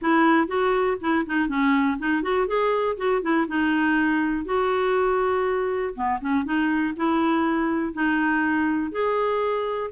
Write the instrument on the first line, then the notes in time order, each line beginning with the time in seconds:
clarinet
0.01 E4
0.47 F#4
1.00 E4
1.26 D#4
1.48 C#4
1.98 D#4
2.22 F#4
2.47 G#4
2.97 F#4
3.22 E4
3.48 D#4
4.45 F#4
5.94 B3
6.20 C#4
6.44 D#4
6.96 E4
7.93 D#4
8.91 G#4